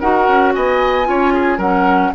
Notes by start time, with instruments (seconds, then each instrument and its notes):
0.00 bassoon D#4, clarinet F#4, oboe A#4, flute F#5
0.28 bassoon C#4
0.54 bassoon B3, oboe D#5, flute G#5
1.04 bassoon C#4, clarinet F4, oboe C#5
1.34 oboe G#4
1.58 bassoon F#3, clarinet C#4, oboe A#4, flute F#5